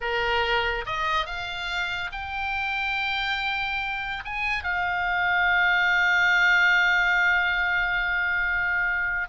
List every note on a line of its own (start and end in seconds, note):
0.00 0.85 A#4
0.86 1.26 D#5
1.26 2.10 F5
2.12 4.23 G5
4.24 4.63 G#5
4.63 9.28 F5